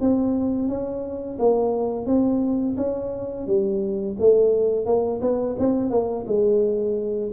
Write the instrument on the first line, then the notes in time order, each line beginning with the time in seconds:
tuba
0.00 C4
0.68 C#4
1.39 A#3
2.06 C4
2.77 C#4
3.47 G3
4.19 A3
4.85 A#3
5.21 B3
5.58 C4
5.90 A#3
6.26 G#3